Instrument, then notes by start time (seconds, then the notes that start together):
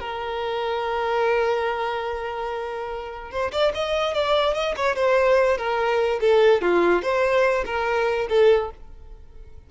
violin
0.00 A#4
3.31 C5
3.52 D5
3.74 D#5
4.14 D5
4.54 D#5
4.76 C#5
4.96 C5
5.58 A#4
6.21 A4
6.62 F4
7.02 C5
7.66 A#4
8.29 A4